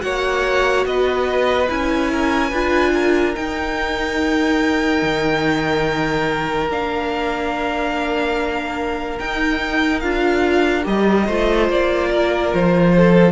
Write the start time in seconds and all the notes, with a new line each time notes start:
0.00 A#3 F#4 C#5 F#5
0.85 B3 B4 D#5
1.67 C#4 E4 G#5
2.11 A#4
2.50 D4 F4 B4
2.94 A#4
3.35 D#4 G5
5.02 D#3
6.69 A#3 D4 F5
9.19 D#4 G5
10.00 D4 F4 F5
10.83 G3 G4 D#5
11.25 A3 F4 C5
11.69 A#3 D5
12.10 A#4
12.54 F3 C5
12.96 A4